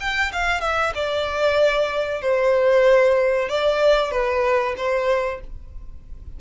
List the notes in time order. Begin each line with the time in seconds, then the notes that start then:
0.00 G5
0.32 F5
0.61 E5
0.95 D5
2.22 C5
3.49 D5
4.11 B4
4.77 C5